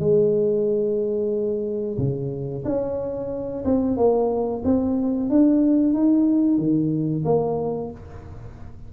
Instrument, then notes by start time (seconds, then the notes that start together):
tuba
0.00 G#3
1.98 C#3
2.65 C#4
3.65 C4
3.97 A#3
4.65 C4
5.30 D4
5.94 D#4
6.58 D#3
7.25 A#3